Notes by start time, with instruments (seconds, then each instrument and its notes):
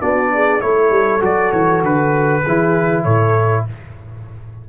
0.00 tuba B3, trombone D4, horn F#4, trumpet D5
0.34 horn G#4
0.60 tuba A3, trombone E4, trumpet C#5
0.66 horn A4
0.90 tuba G3
1.21 tuba F#3, trombone F#4, trumpet D5
1.52 tuba E3, trumpet C#5
1.82 tuba D3, trumpet B4
2.44 tuba E3, trombone E4, horn G#4
3.03 tuba A2, horn A4, trumpet C#5